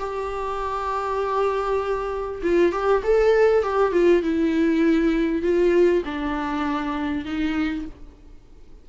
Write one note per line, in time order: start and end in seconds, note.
0.00 2.42 G4
2.43 2.73 F4
2.73 3.03 G4
3.04 3.64 A4
3.64 3.93 G4
3.93 4.23 F4
4.23 5.43 E4
5.43 6.04 F4
6.06 7.25 D4
7.25 7.86 D#4